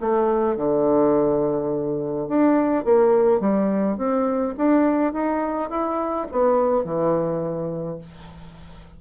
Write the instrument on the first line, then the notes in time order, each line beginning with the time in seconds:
bassoon
0.00 A3
0.57 D3
2.28 D4
2.84 A#3
3.40 G3
3.98 C4
4.57 D4
5.13 D#4
5.70 E4
6.31 B3
6.84 E3